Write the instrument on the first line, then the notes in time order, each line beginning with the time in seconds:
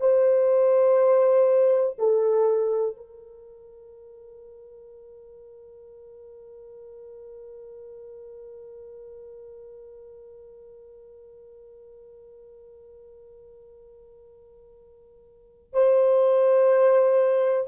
horn
0.00 C5
1.99 A4
2.96 A#4
15.73 C5